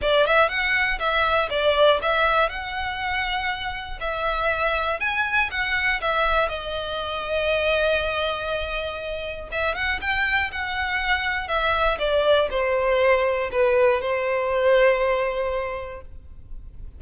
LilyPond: \new Staff \with { instrumentName = "violin" } { \time 4/4 \tempo 4 = 120 d''8 e''8 fis''4 e''4 d''4 | e''4 fis''2. | e''2 gis''4 fis''4 | e''4 dis''2.~ |
dis''2. e''8 fis''8 | g''4 fis''2 e''4 | d''4 c''2 b'4 | c''1 | }